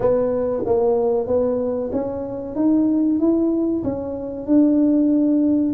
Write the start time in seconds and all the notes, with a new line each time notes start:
0.00 B3
0.65 A#3
1.27 B3
1.92 C#4
2.55 D#4
3.19 E4
3.83 C#4
4.46 D4